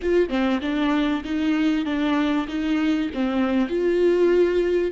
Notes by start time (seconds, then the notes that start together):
0.02 F4
0.29 C4
0.61 D4
1.24 D#4
1.85 D4
2.48 D#4
3.14 C4
3.69 F4